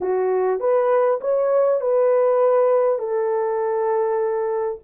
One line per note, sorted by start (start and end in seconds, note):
0.00 0.59 F#4
0.59 1.19 B4
1.21 1.80 C#5
1.80 2.98 B4
2.98 4.78 A4